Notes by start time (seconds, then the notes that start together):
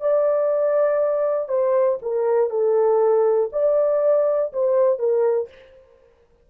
0.00 D5
1.48 C5
2.01 A#4
2.50 A4
3.52 D5
4.52 C5
4.99 A#4